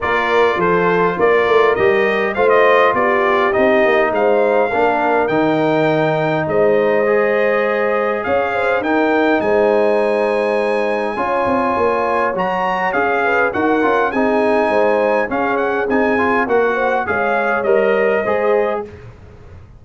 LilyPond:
<<
  \new Staff \with { instrumentName = "trumpet" } { \time 4/4 \tempo 4 = 102 d''4 c''4 d''4 dis''4 | f''16 dis''8. d''4 dis''4 f''4~ | f''4 g''2 dis''4~ | dis''2 f''4 g''4 |
gis''1~ | gis''4 ais''4 f''4 fis''4 | gis''2 f''8 fis''8 gis''4 | fis''4 f''4 dis''2 | }
  \new Staff \with { instrumentName = "horn" } { \time 4/4 ais'4 a'4 ais'2 | c''4 g'2 c''4 | ais'2. c''4~ | c''2 cis''8 c''8 ais'4 |
c''2. cis''4~ | cis''2~ cis''8 b'8 ais'4 | gis'4 c''4 gis'2 | ais'8 c''8 cis''2 c''4 | }
  \new Staff \with { instrumentName = "trombone" } { \time 4/4 f'2. g'4 | f'2 dis'2 | d'4 dis'2. | gis'2. dis'4~ |
dis'2. f'4~ | f'4 fis'4 gis'4 fis'8 f'8 | dis'2 cis'4 dis'8 f'8 | fis'4 gis'4 ais'4 gis'4 | }
  \new Staff \with { instrumentName = "tuba" } { \time 4/4 ais4 f4 ais8 a8 g4 | a4 b4 c'8 ais8 gis4 | ais4 dis2 gis4~ | gis2 cis'4 dis'4 |
gis2. cis'8 c'8 | ais4 fis4 cis'4 dis'8 cis'8 | c'4 gis4 cis'4 c'4 | ais4 gis4 g4 gis4 | }
>>